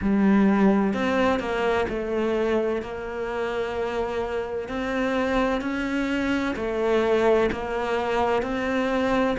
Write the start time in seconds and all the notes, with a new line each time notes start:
0.01 G3
0.93 C4
1.39 A#3
1.88 A3
2.81 A#3
4.68 C4
5.61 C#4
6.56 A3
7.51 A#3
8.42 C4